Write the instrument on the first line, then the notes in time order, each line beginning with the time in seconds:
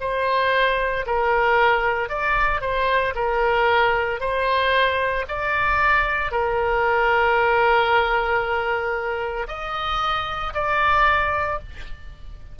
oboe
0.00 C5
1.06 A#4
2.09 D5
2.61 C5
3.15 A#4
4.21 C5
5.28 D5
6.32 A#4
9.48 D#5
10.54 D5